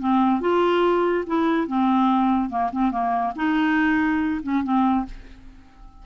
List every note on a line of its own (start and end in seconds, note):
0.00 0.41 C4
0.41 1.25 F4
1.27 1.68 E4
1.68 2.50 C4
2.50 2.71 A#3
2.73 2.92 C4
2.92 3.34 A#3
3.36 4.41 D#4
4.43 4.64 C#4
4.64 5.06 C4